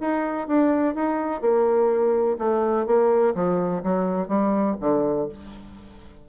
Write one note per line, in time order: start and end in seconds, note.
0.00 0.47 D#4
0.47 0.94 D4
0.94 1.41 D#4
1.41 2.37 A#3
2.38 2.86 A3
2.86 3.34 A#3
3.34 3.82 F3
3.83 4.28 F#3
4.28 4.76 G3
4.80 5.28 D3